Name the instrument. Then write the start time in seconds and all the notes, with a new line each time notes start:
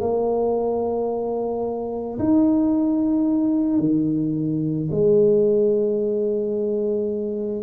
tuba
0.00 A#3
2.18 D#4
3.79 D#3
4.91 G#3